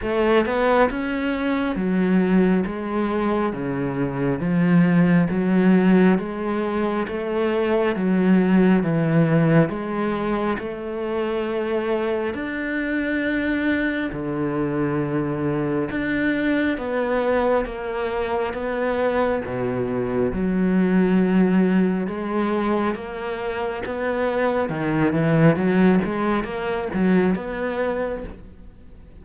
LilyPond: \new Staff \with { instrumentName = "cello" } { \time 4/4 \tempo 4 = 68 a8 b8 cis'4 fis4 gis4 | cis4 f4 fis4 gis4 | a4 fis4 e4 gis4 | a2 d'2 |
d2 d'4 b4 | ais4 b4 b,4 fis4~ | fis4 gis4 ais4 b4 | dis8 e8 fis8 gis8 ais8 fis8 b4 | }